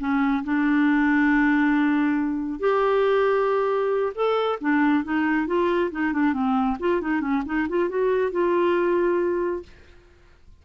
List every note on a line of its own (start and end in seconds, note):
0.00 0.44 C#4
0.44 2.60 D4
2.60 4.13 G4
4.15 4.59 A4
4.61 5.04 D4
5.04 5.47 D#4
5.47 5.91 F4
5.91 6.13 D#4
6.13 6.34 D4
6.34 6.77 C4
6.80 7.02 F4
7.02 7.21 D#4
7.21 7.43 C#4
7.46 7.68 D#4
7.69 7.89 F4
7.89 8.32 F#4
8.32 9.63 F4